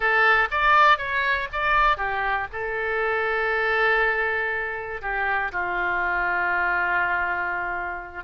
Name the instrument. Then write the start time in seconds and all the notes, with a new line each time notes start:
oboe
0.00 A4
0.50 D5
0.97 C#5
1.52 D5
1.97 G4
2.52 A4
5.01 G4
5.52 F4